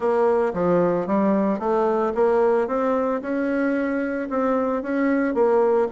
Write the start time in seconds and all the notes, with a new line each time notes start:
0.00 A#3
0.53 F3
1.06 G3
1.59 A3
2.14 A#3
2.67 C4
3.21 C#4
4.29 C4
4.82 C#4
5.34 A#3